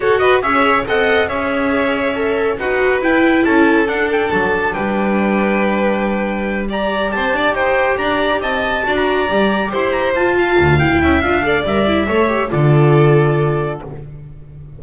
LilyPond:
<<
  \new Staff \with { instrumentName = "trumpet" } { \time 4/4 \tempo 4 = 139 cis''8 dis''8 e''4 fis''4 e''4~ | e''2 fis''4 g''4 | a''4 fis''8 g''8 a''4 g''4~ | g''2.~ g''8 ais''8~ |
ais''8 a''4 g''4 ais''4 a''8~ | a''8. ais''4.~ ais''16 c'''8 ais''8 a''8~ | a''4 g''4 f''4 e''4~ | e''4 d''2. | }
  \new Staff \with { instrumentName = "violin" } { \time 4/4 a'8 b'8 cis''4 dis''4 cis''4~ | cis''2 b'2 | a'2. b'4~ | b'2.~ b'8 d''8~ |
d''8 c''8 d''8 c''4 d''4 dis''8~ | dis''8 d''2 c''4. | f''4. e''4 d''4. | cis''4 a'2. | }
  \new Staff \with { instrumentName = "viola" } { \time 4/4 fis'4 gis'4 a'4 gis'4~ | gis'4 a'4 fis'4 e'4~ | e'4 d'2.~ | d'2.~ d'8 g'8~ |
g'1~ | g'8 fis'4 g'2 f'8~ | f'4 e'4 f'8 a'8 ais'8 e'8 | a'8 g'8 f'2. | }
  \new Staff \with { instrumentName = "double bass" } { \time 4/4 fis'4 cis'4 c'4 cis'4~ | cis'2 dis'4 e'4 | cis'4 d'4 fis4 g4~ | g1~ |
g8 c'8 d'8 dis'4 d'4 c'8~ | c'8 d'4 g4 e'4 f'8~ | f'8 d,4 cis'8 d'4 g4 | a4 d2. | }
>>